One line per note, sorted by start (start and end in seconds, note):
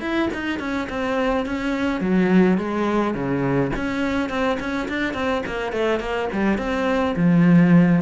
0.00 0.29 E4
0.34 0.59 D#4
0.59 0.88 C#4
0.89 1.46 C4
1.46 2.01 C#4
2.01 2.58 F#3
2.58 3.14 G#3
3.14 3.71 C#3
3.76 4.29 C#4
4.29 4.58 C4
4.59 4.88 C#4
4.88 5.14 D4
5.14 5.42 C4
5.46 5.72 A#3
5.72 6.00 A3
6.00 6.28 A#3
6.32 6.58 G3
6.58 7.15 C4
7.16 8.01 F3